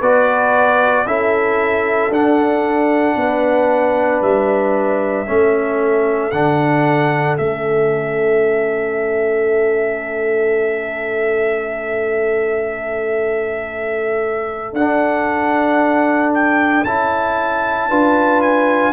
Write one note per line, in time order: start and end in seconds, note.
0.00 1.06 B3
0.00 1.07 F#4
0.00 1.05 B4
0.00 1.07 D5
1.06 2.10 C#4
1.06 2.12 E4
1.06 3.18 A4
1.06 2.12 E5
2.10 3.16 D4
2.10 5.27 D4
2.10 4.23 F#5
3.16 4.21 B3
3.16 5.28 B4
4.22 5.27 G3
4.22 6.31 E5
5.27 6.32 A3
5.27 6.32 C#4
5.27 17.89 A4
6.31 7.37 D3
6.31 7.38 D4
6.31 7.37 F#5
7.38 14.73 A3
7.38 14.75 C#4
7.38 14.75 E5
14.73 16.84 D4
14.73 16.86 D4
14.73 16.33 F#5
16.34 16.85 G5
16.84 17.89 C#4
16.84 17.90 E4
16.84 18.42 A5
17.89 18.93 D4
17.89 18.93 F4
17.89 18.93 B4
18.42 18.93 G#5